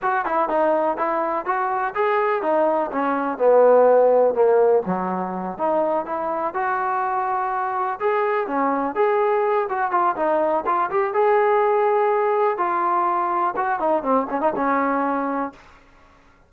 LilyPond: \new Staff \with { instrumentName = "trombone" } { \time 4/4 \tempo 4 = 124 fis'8 e'8 dis'4 e'4 fis'4 | gis'4 dis'4 cis'4 b4~ | b4 ais4 fis4. dis'8~ | dis'8 e'4 fis'2~ fis'8~ |
fis'8 gis'4 cis'4 gis'4. | fis'8 f'8 dis'4 f'8 g'8 gis'4~ | gis'2 f'2 | fis'8 dis'8 c'8 cis'16 dis'16 cis'2 | }